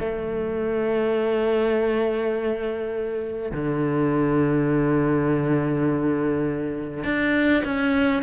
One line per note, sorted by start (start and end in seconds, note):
0.00 3.52 A3
3.52 7.05 D3
7.05 7.64 D4
7.65 8.23 C#4